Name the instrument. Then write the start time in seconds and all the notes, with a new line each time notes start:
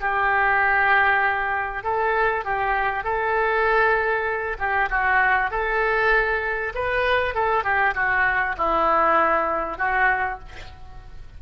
oboe
0.00 G4
1.83 A4
2.44 G4
3.04 A4
4.58 G4
4.90 F#4
5.50 A4
6.75 B4
7.34 A4
7.64 G4
7.94 F#4
8.57 E4
9.78 F#4